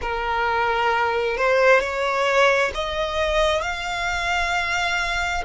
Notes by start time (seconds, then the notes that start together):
0.01 A#4
1.37 C5
1.80 C#5
2.74 D#5
3.61 F5